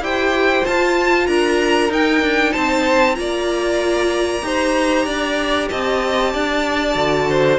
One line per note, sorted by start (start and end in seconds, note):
0.00 0.63 E4
0.00 0.65 G4
0.00 1.27 C5
0.00 0.66 G5
0.65 1.91 F4
0.65 1.28 F4
0.65 1.27 A5
1.27 1.90 D4
1.27 2.52 A#4
1.27 1.90 A#5
1.90 2.21 D#4
1.90 3.15 D#4
1.90 2.53 G5
2.21 2.53 D4
2.52 3.18 C4
2.52 3.15 C5
2.52 3.15 A5
3.15 4.43 A#3
3.15 4.41 F4
3.15 4.46 D5
3.15 5.68 A#5
4.42 5.06 D#4
4.42 6.95 G4
4.42 5.06 C5
5.06 5.69 D4
5.06 5.69 D5
5.69 6.34 C4
5.69 6.33 D#5
5.69 7.59 A5
6.33 6.96 D4
6.33 7.28 D5
6.95 7.59 D3
6.95 7.58 F#4
7.29 7.59 C5